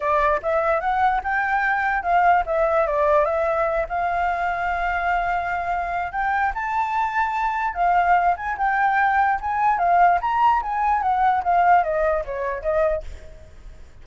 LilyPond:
\new Staff \with { instrumentName = "flute" } { \time 4/4 \tempo 4 = 147 d''4 e''4 fis''4 g''4~ | g''4 f''4 e''4 d''4 | e''4. f''2~ f''8~ | f''2. g''4 |
a''2. f''4~ | f''8 gis''8 g''2 gis''4 | f''4 ais''4 gis''4 fis''4 | f''4 dis''4 cis''4 dis''4 | }